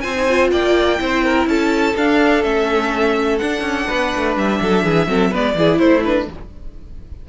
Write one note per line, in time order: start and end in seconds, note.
0.00 0.52 C4
0.00 0.14 F4
0.00 0.50 C5
0.00 0.48 G#5
0.15 0.27 D#4
0.28 0.98 F4
0.52 1.00 A#3
0.52 1.00 D5
0.52 1.48 G5
0.98 1.47 C4
0.98 1.94 E4
0.98 1.24 C5
1.24 1.48 A#4
1.47 1.95 C#4
1.47 3.87 A4
1.47 1.97 A5
1.96 2.43 D4
1.96 2.44 D4
1.96 2.43 F5
2.43 3.39 A3
2.43 3.40 C#4
2.43 3.38 E5
3.38 5.08 D4
3.38 3.61 D4
3.38 4.34 F#5
3.61 3.85 C#4
3.87 4.14 B3
3.87 4.59 B4
4.16 4.36 A3
4.36 4.60 G3
4.36 5.34 E5
4.61 4.84 F#3
4.61 4.84 A4
4.84 5.07 E3
4.84 5.08 G#4
5.07 5.31 F#3
5.07 5.32 C4
5.07 5.31 A4
5.31 5.55 G#3
5.31 5.56 B3
5.31 5.55 B4
5.31 5.79 D5
5.55 5.79 E3
5.55 6.05 E4
5.55 5.79 G#4
5.79 6.28 A3
5.79 6.27 E4
5.79 6.03 C5
6.04 6.29 D4
6.04 6.29 B4